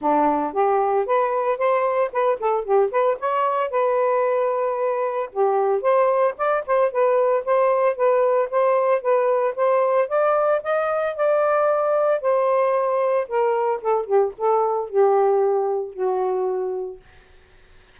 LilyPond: \new Staff \with { instrumentName = "saxophone" } { \time 4/4 \tempo 4 = 113 d'4 g'4 b'4 c''4 | b'8 a'8 g'8 b'8 cis''4 b'4~ | b'2 g'4 c''4 | d''8 c''8 b'4 c''4 b'4 |
c''4 b'4 c''4 d''4 | dis''4 d''2 c''4~ | c''4 ais'4 a'8 g'8 a'4 | g'2 fis'2 | }